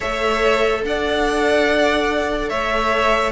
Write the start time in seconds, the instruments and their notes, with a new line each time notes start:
0.00 cello A3, viola A4, violin C#5 E5
0.84 cello D4, violin D5 F#5
2.49 cello A3, violin C#5 E5